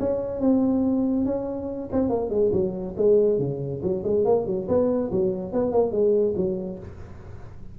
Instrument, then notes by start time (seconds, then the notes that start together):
tuba
0.00 C#4
0.41 C4
1.26 C#4
1.92 C4
2.10 A#3
2.30 G#3
2.53 F#3
2.97 G#3
3.39 C#3
3.83 F#3
4.04 G#3
4.25 A#3
4.47 F#3
4.68 B3
5.11 F#3
5.53 B3
5.72 A#3
5.92 G#3
6.37 F#3